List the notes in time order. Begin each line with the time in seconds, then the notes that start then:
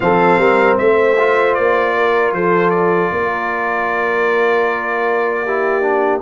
0.00 F3 C4 A4 F5
0.37 G3 A#4
0.77 A3 C5 E5
1.19 F4
1.54 A#3 D5
1.97 A#4
2.32 F3 A4 C5
2.70 D5
3.11 A#3 A#4
5.44 E4 G4
5.81 D4